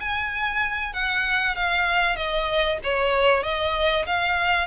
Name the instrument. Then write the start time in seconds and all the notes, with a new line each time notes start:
violin
0.00 G#5
0.93 F#5
1.56 F5
2.16 D#5
2.84 C#5
3.43 D#5
4.06 F5